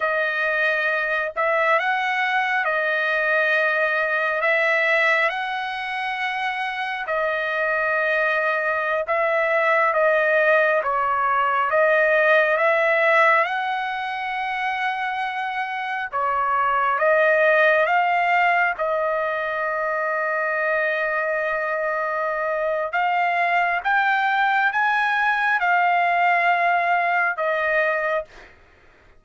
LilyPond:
\new Staff \with { instrumentName = "trumpet" } { \time 4/4 \tempo 4 = 68 dis''4. e''8 fis''4 dis''4~ | dis''4 e''4 fis''2 | dis''2~ dis''16 e''4 dis''8.~ | dis''16 cis''4 dis''4 e''4 fis''8.~ |
fis''2~ fis''16 cis''4 dis''8.~ | dis''16 f''4 dis''2~ dis''8.~ | dis''2 f''4 g''4 | gis''4 f''2 dis''4 | }